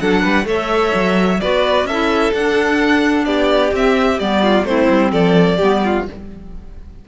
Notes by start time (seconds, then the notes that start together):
0.00 F#3 D4 A4 F#5
0.22 G3 B4
0.45 A3 A4 C#5 E5
0.94 F#3
1.41 B3 F#4 B4 D5
1.85 C#4 A4 E5
1.91 E4
2.33 D4 F#5
3.25 B3 G4 D5
3.73 C4 E5
4.18 G3 B3 D5
4.43 F4
4.64 A3 C4 E4 C5
4.90 G3
5.12 F3 A4 D5
5.57 G3 B3 G4
5.85 F4